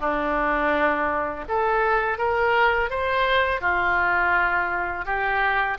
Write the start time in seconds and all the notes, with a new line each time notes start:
0.00 D4
1.48 A4
2.18 A#4
2.90 C5
3.61 F4
5.05 G4